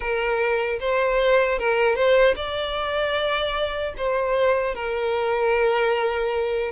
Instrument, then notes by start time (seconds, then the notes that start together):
violin
0.00 A#4
0.80 C5
1.59 A#4
1.95 C5
2.35 D5
3.97 C5
4.74 A#4